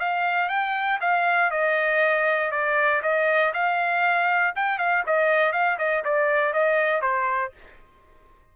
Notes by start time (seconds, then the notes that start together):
0.00 F5
0.49 G5
1.01 F5
1.51 D#5
2.52 D5
3.03 D#5
3.54 F5
4.56 G5
4.79 F5
5.07 D#5
5.53 F5
5.79 D#5
6.05 D5
6.54 D#5
7.02 C5